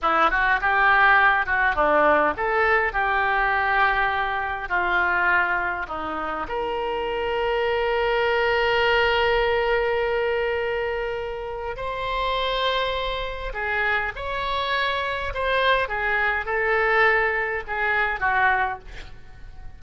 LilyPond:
\new Staff \with { instrumentName = "oboe" } { \time 4/4 \tempo 4 = 102 e'8 fis'8 g'4. fis'8 d'4 | a'4 g'2. | f'2 dis'4 ais'4~ | ais'1~ |
ais'1 | c''2. gis'4 | cis''2 c''4 gis'4 | a'2 gis'4 fis'4 | }